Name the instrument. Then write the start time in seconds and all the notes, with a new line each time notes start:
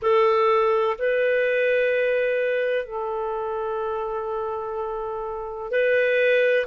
clarinet
0.02 A4
0.98 B4
2.85 A4
5.70 B4